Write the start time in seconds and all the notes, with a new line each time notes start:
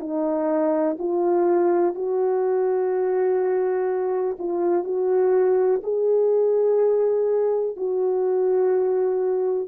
0.00 D#4
0.99 F4
1.95 F#4
4.39 F4
4.84 F#4
5.83 G#4
7.76 F#4